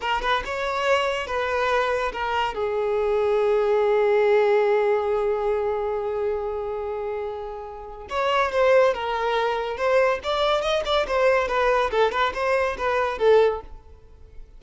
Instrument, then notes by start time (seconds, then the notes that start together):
violin
0.00 A#4
0.21 B4
0.45 C#5
1.27 B4
2.12 A#4
2.54 G#4
8.09 C#5
8.51 C5
8.94 A#4
9.77 C5
10.23 D5
10.61 D#5
10.85 D5
11.07 C5
11.47 B4
11.91 A4
12.11 B4
12.34 C5
12.77 B4
13.18 A4